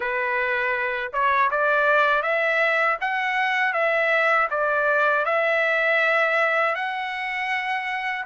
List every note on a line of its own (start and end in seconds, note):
0.00 1.12 B4
1.12 1.50 C#5
1.50 2.22 D5
2.22 2.97 E5
3.00 3.73 F#5
3.73 4.48 E5
4.50 5.25 D5
5.25 6.75 E5
6.75 8.25 F#5